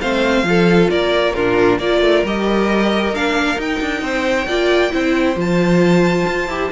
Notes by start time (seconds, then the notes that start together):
0.00 A3 C4 C5 F5
0.43 F3 F4 A4
0.89 A#3 A#4 D5
1.33 A#2 D4 F4 A#4
1.78 A#3 F4 A#4 D5
2.00 A3
2.24 G3 G4 D#5
3.11 A#3 D4 F5
3.57 D#4 G5
3.81 D4
4.01 C4 C5
4.46 A#3 F4 D5
4.90 C4 E4 C5
5.35 F3 F4 A5
6.26 F4
6.47 E4 G4